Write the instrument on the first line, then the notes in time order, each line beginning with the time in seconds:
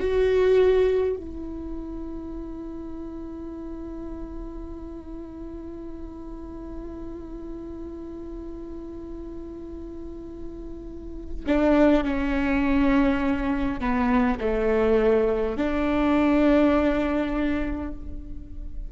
viola
0.00 F#4
1.17 E4
11.47 D4
12.04 C#4
13.81 B3
14.41 A3
15.57 D4